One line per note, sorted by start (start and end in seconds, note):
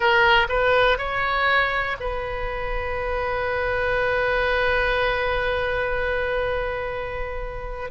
0.00 0.46 A#4
0.48 0.97 B4
0.97 1.96 C#5
2.00 7.90 B4